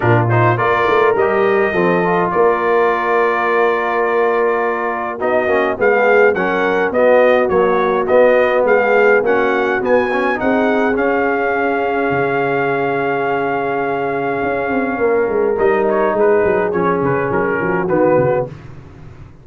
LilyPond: <<
  \new Staff \with { instrumentName = "trumpet" } { \time 4/4 \tempo 4 = 104 ais'8 c''8 d''4 dis''2 | d''1~ | d''4 dis''4 f''4 fis''4 | dis''4 cis''4 dis''4 f''4 |
fis''4 gis''4 fis''4 f''4~ | f''1~ | f''2. dis''8 cis''8 | b'4 cis''8 b'8 ais'4 b'4 | }
  \new Staff \with { instrumentName = "horn" } { \time 4/4 f'4 ais'2 a'4 | ais'1~ | ais'4 fis'4 gis'4 ais'4 | fis'2. gis'4 |
fis'2 gis'2~ | gis'1~ | gis'2 ais'2 | gis'2~ gis'8 fis'4. | }
  \new Staff \with { instrumentName = "trombone" } { \time 4/4 d'8 dis'8 f'4 g'4 c'8 f'8~ | f'1~ | f'4 dis'8 cis'8 b4 cis'4 | b4 fis4 b2 |
cis'4 b8 cis'8 dis'4 cis'4~ | cis'1~ | cis'2. dis'4~ | dis'4 cis'2 b4 | }
  \new Staff \with { instrumentName = "tuba" } { \time 4/4 ais,4 ais8 a8 g4 f4 | ais1~ | ais4 b8 ais8 gis4 fis4 | b4 ais4 b4 gis4 |
ais4 b4 c'4 cis'4~ | cis'4 cis2.~ | cis4 cis'8 c'8 ais8 gis8 g4 | gis8 fis8 f8 cis8 fis8 f8 dis8 cis8 | }
>>